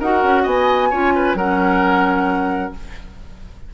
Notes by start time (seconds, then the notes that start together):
0.00 D#4 F#4 A#4 F#5
0.23 C#4
0.43 B3 D#5 G#5
0.90 C#4 F4 C#5
1.15 B4
1.34 F#3 C#4 A#4 F#5